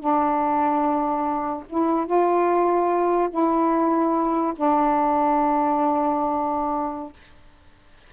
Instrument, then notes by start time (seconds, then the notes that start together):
saxophone
0.00 D4
1.70 E4
2.06 F4
3.31 E4
4.56 D4